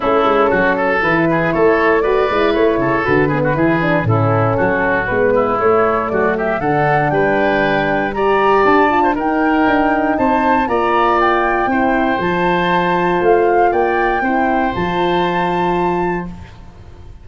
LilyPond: <<
  \new Staff \with { instrumentName = "flute" } { \time 4/4 \tempo 4 = 118 a'2 b'4 cis''4 | d''4 cis''4 b'2 | a'2 b'4 cis''4 | d''8 e''8 fis''4 g''2 |
ais''4 a''4 g''2 | a''4 ais''4 g''2 | a''2 f''4 g''4~ | g''4 a''2. | }
  \new Staff \with { instrumentName = "oboe" } { \time 4/4 e'4 fis'8 a'4 gis'8 a'4 | b'4. a'4 gis'16 fis'16 gis'4 | e'4 fis'4. e'4. | fis'8 g'8 a'4 b'2 |
d''4.~ d''16 c''16 ais'2 | c''4 d''2 c''4~ | c''2. d''4 | c''1 | }
  \new Staff \with { instrumentName = "horn" } { \time 4/4 cis'2 e'2 | fis'8 e'4. fis'8 b8 e'8 d'8 | cis'2 b4 a4~ | a4 d'2. |
g'4. f'8 dis'2~ | dis'4 f'2 e'4 | f'1 | e'4 f'2. | }
  \new Staff \with { instrumentName = "tuba" } { \time 4/4 a8 gis8 fis4 e4 a4~ | a8 gis8 a8 cis8 d4 e4 | a,4 fis4 gis4 a4 | fis4 d4 g2~ |
g4 d'4 dis'4 d'4 | c'4 ais2 c'4 | f2 a4 ais4 | c'4 f2. | }
>>